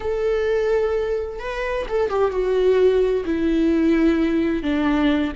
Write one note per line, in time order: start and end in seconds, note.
0.00 1.39 A4
1.39 1.85 B4
1.88 2.09 A4
2.09 2.31 G4
2.31 3.24 F#4
3.25 4.62 E4
4.62 5.32 D4